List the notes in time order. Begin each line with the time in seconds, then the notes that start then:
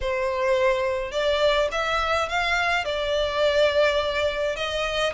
0.00 C5
1.11 D5
1.71 E5
2.29 F5
2.84 D5
4.56 D#5